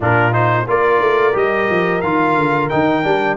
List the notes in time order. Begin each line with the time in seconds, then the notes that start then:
0.00 A#2 D4 F4 A#4
0.32 D#4 C5
0.67 A#3 F4 A#4 D5
1.00 A3
1.32 G3 G4 D#5
1.69 F3
2.01 D#3 F4 F5
2.35 D3
2.69 D#3 D#4 G5
3.03 G3 D4